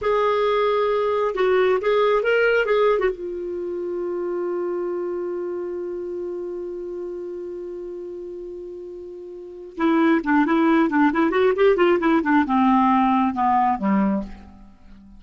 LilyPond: \new Staff \with { instrumentName = "clarinet" } { \time 4/4 \tempo 4 = 135 gis'2. fis'4 | gis'4 ais'4 gis'8. fis'16 f'4~ | f'1~ | f'1~ |
f'1~ | f'2 e'4 d'8 e'8~ | e'8 d'8 e'8 fis'8 g'8 f'8 e'8 d'8 | c'2 b4 g4 | }